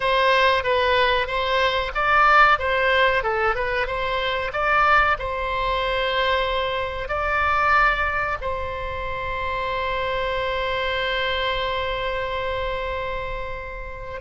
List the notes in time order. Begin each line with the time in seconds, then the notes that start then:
0.00 C5
0.63 B4
1.27 C5
1.94 D5
2.58 C5
3.23 A4
3.55 B4
3.87 C5
4.52 D5
5.18 C5
7.08 D5
8.41 C5